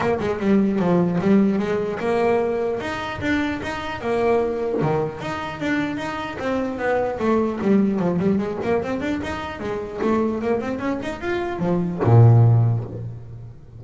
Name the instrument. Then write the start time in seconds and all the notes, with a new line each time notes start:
double bass
0.00 A#3
0.19 G#3
0.39 G3
0.79 F3
1.20 G3
1.58 G#3
1.99 A#3
2.80 D#4
3.21 D4
3.62 D#4
4.00 A#3
4.81 D#3
5.21 D#4
5.60 D4
5.97 D#4
6.39 C4
6.78 B3
7.19 A3
7.61 G3
7.99 F3
8.19 G3
8.38 G#3
8.63 A#3
8.83 C4
9.01 D4
9.22 D#4
9.59 G#3
10.01 A3
10.41 A#3
10.60 C4
10.79 C#4
11.02 D#4
11.20 F4
11.59 F3
12.03 A#2